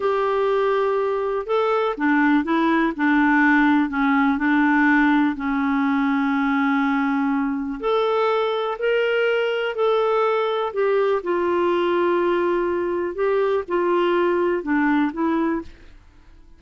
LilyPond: \new Staff \with { instrumentName = "clarinet" } { \time 4/4 \tempo 4 = 123 g'2. a'4 | d'4 e'4 d'2 | cis'4 d'2 cis'4~ | cis'1 |
a'2 ais'2 | a'2 g'4 f'4~ | f'2. g'4 | f'2 d'4 e'4 | }